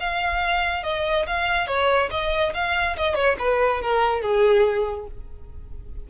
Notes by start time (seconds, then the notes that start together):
0.00 F5
0.84 D#5
1.27 F5
1.68 C#5
2.11 D#5
2.54 F5
2.97 D#5
3.15 C#5
3.39 B4
3.82 A#4
4.22 G#4